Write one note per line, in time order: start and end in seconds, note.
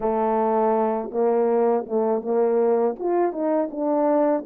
0.00 1.10 A3
1.11 1.85 A#3
1.86 2.21 A3
2.21 2.95 A#3
2.99 3.32 F4
3.32 3.69 D#4
3.70 4.44 D4